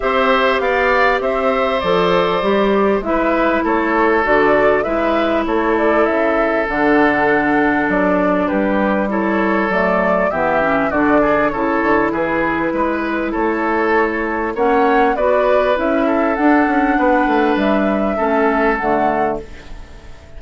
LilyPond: <<
  \new Staff \with { instrumentName = "flute" } { \time 4/4 \tempo 4 = 99 e''4 f''4 e''4 d''4~ | d''4 e''4 cis''4 d''4 | e''4 cis''8 d''8 e''4 fis''4~ | fis''4 d''4 b'4 cis''4 |
d''4 e''4 d''4 cis''4 | b'2 cis''2 | fis''4 d''4 e''4 fis''4~ | fis''4 e''2 fis''4 | }
  \new Staff \with { instrumentName = "oboe" } { \time 4/4 c''4 d''4 c''2~ | c''4 b'4 a'2 | b'4 a'2.~ | a'2 g'4 a'4~ |
a'4 g'4 fis'8 gis'8 a'4 | gis'4 b'4 a'2 | cis''4 b'4. a'4. | b'2 a'2 | }
  \new Staff \with { instrumentName = "clarinet" } { \time 4/4 g'2. a'4 | g'4 e'2 fis'4 | e'2. d'4~ | d'2. e'4 |
a4 b8 cis'8 d'4 e'4~ | e'1 | cis'4 fis'4 e'4 d'4~ | d'2 cis'4 a4 | }
  \new Staff \with { instrumentName = "bassoon" } { \time 4/4 c'4 b4 c'4 f4 | g4 gis4 a4 d4 | gis4 a4 cis4 d4~ | d4 fis4 g2 |
fis4 e4 d4 cis8 d8 | e4 gis4 a2 | ais4 b4 cis'4 d'8 cis'8 | b8 a8 g4 a4 d4 | }
>>